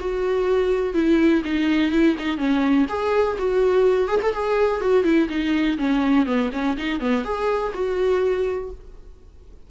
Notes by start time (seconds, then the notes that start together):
0.00 F#4
0.94 E4
1.45 D#4
1.92 E4
2.19 D#4
2.38 C#4
2.89 G#4
3.38 F#4
4.08 G#4
4.23 A4
4.34 G#4
4.81 F#4
5.04 E4
5.29 D#4
5.78 C#4
6.26 B3
6.53 C#4
6.77 D#4
7.00 B3
7.25 G#4
7.74 F#4